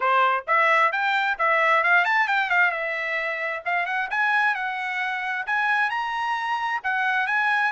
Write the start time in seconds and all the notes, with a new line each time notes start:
0.00 C5
0.47 E5
0.92 G5
1.38 E5
1.83 F5
2.04 A5
2.27 G5
2.50 F5
2.71 E5
3.65 F5
3.86 F#5
4.10 G#5
4.55 F#5
5.46 G#5
5.89 A#5
6.83 F#5
7.26 G#5